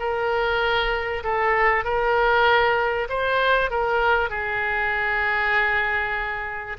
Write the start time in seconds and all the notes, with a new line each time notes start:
0.00 A#4
1.24 A4
1.85 A#4
3.10 C5
3.71 A#4
4.30 G#4